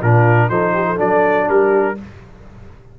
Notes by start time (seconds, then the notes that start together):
0.00 A#2 D4 F4 A#4
0.49 F3 D#4 A4 C5
0.74 G4
0.86 A4
0.97 F#3 D4 D5
1.49 G3 G4 A#4